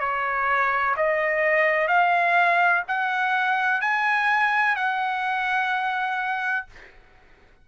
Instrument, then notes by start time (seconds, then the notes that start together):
trumpet
0.00 C#5
0.97 D#5
1.88 F5
2.88 F#5
3.81 G#5
4.76 F#5